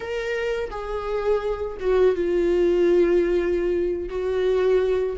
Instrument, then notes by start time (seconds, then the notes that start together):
viola
0.00 A#4
0.70 G#4
1.80 F#4
2.15 F4
4.09 F#4